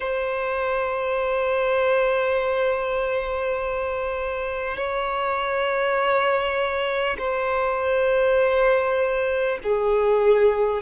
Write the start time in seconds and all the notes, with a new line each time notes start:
0.00 C5
4.77 C#5
7.18 C5
9.63 G#4